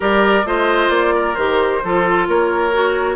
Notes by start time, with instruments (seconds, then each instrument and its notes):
0.00 bassoon G3, clarinet G4, oboe A#4, flute D5
0.44 bassoon A3, clarinet F4, oboe C5, flute D#5
0.89 bassoon A#3, flute D5
1.15 oboe A#4
1.34 bassoon D#3, clarinet G4, flute C5
1.83 bassoon F3, clarinet F4, oboe A4
2.27 bassoon A#3, oboe A#4, flute C#5
2.71 clarinet F#4